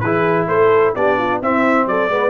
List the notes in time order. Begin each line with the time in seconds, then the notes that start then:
0.00 E3 E4 G#4 B4
0.47 A3 A4 C5
0.95 B3 D4 G4 D5
1.18 F4
1.42 C4 E4 E5
1.86 F#3 A4 D5
2.09 G#3 B3 B4